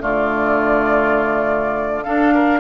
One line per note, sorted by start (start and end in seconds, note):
0.00 2.06 D3
0.00 2.04 A3
0.00 2.04 F4
0.00 2.03 D5
2.03 2.60 D4
2.03 2.33 A4
2.03 2.60 F5
2.34 2.60 A#4